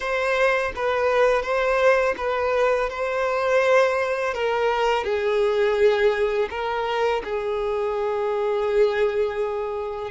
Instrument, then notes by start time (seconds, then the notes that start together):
violin
0.00 C5
0.75 B4
1.42 C5
2.17 B4
2.89 C5
4.33 A#4
5.04 G#4
6.50 A#4
7.24 G#4